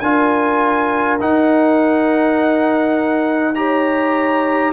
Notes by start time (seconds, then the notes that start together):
0.00 D4 F4 A#4 G#5
1.20 D#4 F#5
3.55 G4 C#5 A#5